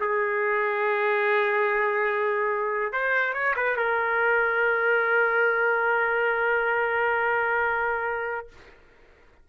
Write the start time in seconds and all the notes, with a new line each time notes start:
0.00 G#4
2.92 C5
3.33 C#5
3.56 B4
3.77 A#4